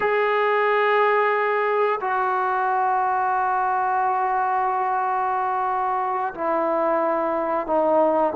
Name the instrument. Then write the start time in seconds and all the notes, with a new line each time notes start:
trombone
0.00 G#4
2.00 F#4
6.34 E4
7.66 D#4